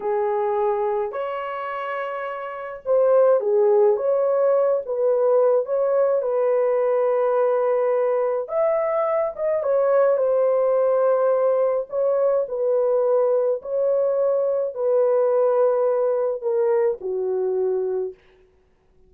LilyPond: \new Staff \with { instrumentName = "horn" } { \time 4/4 \tempo 4 = 106 gis'2 cis''2~ | cis''4 c''4 gis'4 cis''4~ | cis''8 b'4. cis''4 b'4~ | b'2. e''4~ |
e''8 dis''8 cis''4 c''2~ | c''4 cis''4 b'2 | cis''2 b'2~ | b'4 ais'4 fis'2 | }